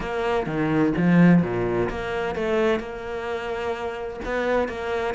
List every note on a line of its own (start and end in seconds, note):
0.00 0.46 A#3
0.46 0.93 D#3
0.97 1.42 F3
1.42 1.89 A#2
1.89 2.35 A#3
2.35 2.79 A3
2.79 4.20 A#3
4.24 4.68 B3
4.68 5.14 A#3